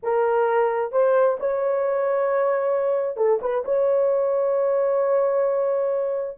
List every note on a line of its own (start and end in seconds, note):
0.02 0.92 A#4
0.92 1.37 C5
1.39 3.16 C#5
3.16 3.39 A4
3.41 3.64 B4
3.64 6.37 C#5